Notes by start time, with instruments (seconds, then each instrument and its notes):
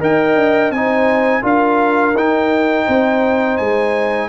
0.00 tuba D#4, trombone A#4, horn D#5, trumpet G5
0.35 tuba D4
0.70 tuba C4, trombone D#4, horn C5, trumpet G#5
1.42 tuba D4, trombone F4, horn A#4, trumpet F5
2.14 tuba D#4, trombone D#4, trumpet G5
2.85 tuba C4, horn C5
3.57 tuba G#3, trumpet G#5